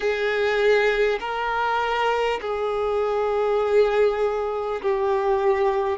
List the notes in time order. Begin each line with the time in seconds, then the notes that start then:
0.00 G#4
1.19 A#4
2.41 G#4
4.82 G4